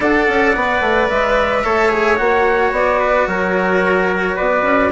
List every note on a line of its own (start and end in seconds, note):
0.00 0.26 D4
0.00 0.55 A4
0.00 1.63 D5
0.00 1.09 F#5
0.27 0.55 C#4
0.55 0.81 B3
0.55 1.64 B4
0.81 1.08 A3
1.09 1.64 G#3
1.09 2.16 E5
1.63 2.19 A3
1.63 1.89 A4
1.63 2.99 C#5
1.89 2.16 G#4
2.16 2.71 A#3
2.16 4.89 F#4
2.16 2.71 F#5
2.71 3.26 B3
2.71 3.28 D5
2.99 3.26 B4
3.27 4.36 F#3
3.27 4.35 A#4
3.27 4.36 C#5
4.35 4.62 B3
4.35 4.90 B4
4.35 4.91 D5
4.62 4.89 C#4